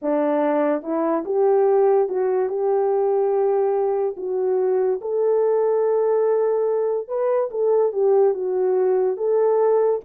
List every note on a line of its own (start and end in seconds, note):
0.02 0.82 D4
0.82 1.24 E4
1.25 2.08 G4
2.08 2.48 F#4
2.48 4.15 G4
4.17 5.00 F#4
5.01 7.08 A4
7.08 7.49 B4
7.50 7.92 A4
7.92 8.33 G4
8.34 9.17 F#4
9.17 10.00 A4